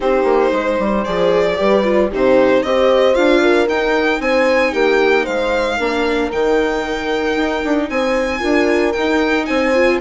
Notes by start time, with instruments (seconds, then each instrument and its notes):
0.00 bassoon C4, viola D#4, horn G4, violin C5
0.24 bassoon A#3
0.52 bassoon G#3, horn C5
0.78 bassoon G3
1.04 bassoon F3, viola G#4, violin D5
1.57 bassoon G3, viola G4, horn B4
1.83 viola F4
2.10 bassoon C3, viola D#4, horn G4, violin C5
2.62 bassoon C4, viola G4, horn C5, violin D#5
3.14 bassoon D4, viola F4, violin F5
3.41 horn A#4
3.68 bassoon D#4, viola D#4, violin G5
4.20 bassoon C4, horn C5, violin G#5
4.72 bassoon A#3, horn G4, violin G5
5.23 bassoon G#3, horn C5, violin F5
5.77 bassoon A#3, viola D4, horn A#4
6.30 bassoon D#3, viola D#4, violin G5
7.36 bassoon D#4
7.64 bassoon D4
7.89 bassoon C4, horn C5, violin G#5
8.39 bassoon D4, viola F4, horn A#4
8.92 viola D#4, bassoon D#4, violin G5
9.45 bassoon C4, horn C5, violin G#5
9.74 viola F4